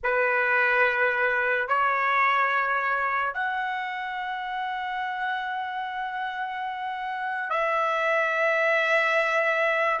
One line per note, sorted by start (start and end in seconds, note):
0.03 1.67 B4
1.67 3.34 C#5
3.34 7.50 F#5
7.50 10.00 E5